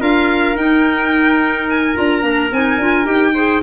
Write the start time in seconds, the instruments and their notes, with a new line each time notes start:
0.00 tuba D4, clarinet F4, trumpet A#4, violin F5
0.56 tuba D#4, clarinet D#4, violin G5
1.70 violin G#5
1.95 tuba D4, clarinet F4, violin A#5
2.22 tuba A#3, clarinet D4
2.52 tuba C4, clarinet D#4, violin G#5
2.78 tuba D4, clarinet F4
3.05 tuba D#4, clarinet G4, violin G5
3.34 clarinet G#4, trumpet C5